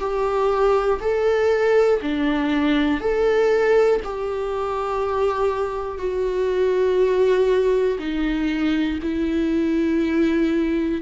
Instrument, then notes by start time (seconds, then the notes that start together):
viola
0.00 G4
1.01 A4
2.02 D4
3.01 A4
4.04 G4
5.98 F#4
7.99 D#4
9.02 E4